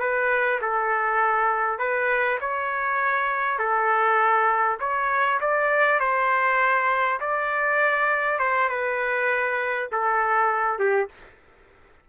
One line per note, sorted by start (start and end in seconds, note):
0.00 0.60 B4
0.62 1.79 A4
1.79 2.39 B4
2.41 3.59 C#5
3.59 4.79 A4
4.80 5.40 C#5
5.41 6.00 D5
6.00 7.20 C5
7.20 8.39 D5
8.39 8.69 C5
8.69 9.89 B4
9.92 10.79 A4
10.79 11.09 G4